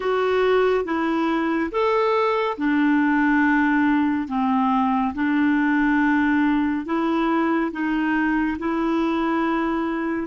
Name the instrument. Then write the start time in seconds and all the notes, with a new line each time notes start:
clarinet
0.00 F#4
0.84 E4
1.71 A4
2.57 D4
4.28 C4
5.14 D4
6.85 E4
7.71 D#4
8.58 E4